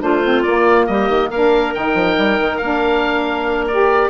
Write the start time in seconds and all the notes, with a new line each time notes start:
0.00 A3 D4 F4 C5
0.24 C4
0.43 A#3 D5
0.87 G3 G4 D#5
1.09 D#3
1.29 A#3 D4 A#4 F5
1.74 D#3 D#4 G5
1.94 F3
2.18 G3
2.40 D#3
2.57 A#3 D4 F5
3.68 G4 D5